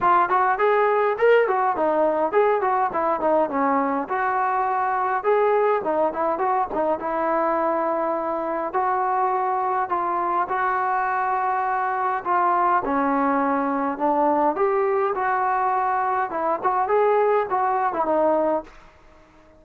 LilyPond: \new Staff \with { instrumentName = "trombone" } { \time 4/4 \tempo 4 = 103 f'8 fis'8 gis'4 ais'8 fis'8 dis'4 | gis'8 fis'8 e'8 dis'8 cis'4 fis'4~ | fis'4 gis'4 dis'8 e'8 fis'8 dis'8 | e'2. fis'4~ |
fis'4 f'4 fis'2~ | fis'4 f'4 cis'2 | d'4 g'4 fis'2 | e'8 fis'8 gis'4 fis'8. e'16 dis'4 | }